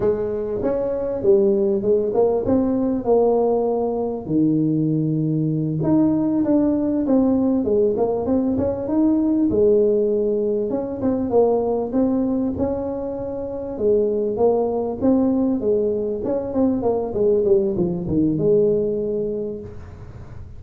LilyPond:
\new Staff \with { instrumentName = "tuba" } { \time 4/4 \tempo 4 = 98 gis4 cis'4 g4 gis8 ais8 | c'4 ais2 dis4~ | dis4. dis'4 d'4 c'8~ | c'8 gis8 ais8 c'8 cis'8 dis'4 gis8~ |
gis4. cis'8 c'8 ais4 c'8~ | c'8 cis'2 gis4 ais8~ | ais8 c'4 gis4 cis'8 c'8 ais8 | gis8 g8 f8 dis8 gis2 | }